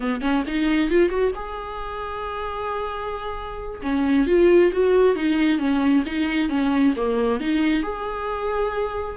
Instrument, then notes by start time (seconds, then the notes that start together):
viola
0.00 B3
0.21 C#4
0.47 D#4
0.90 F4
1.09 F#4
1.35 G#4
3.82 C#4
4.26 F4
4.72 F#4
5.15 D#4
5.58 C#4
6.05 D#4
6.49 C#4
6.96 A#3
7.40 D#4
7.82 G#4